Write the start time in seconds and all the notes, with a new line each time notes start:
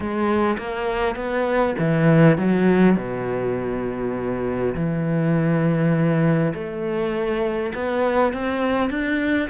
0.00 G#3
0.58 A#3
1.15 B3
1.78 E3
2.37 F#3
2.96 B2
4.75 E3
6.53 A3
7.74 B3
8.33 C4
8.89 D4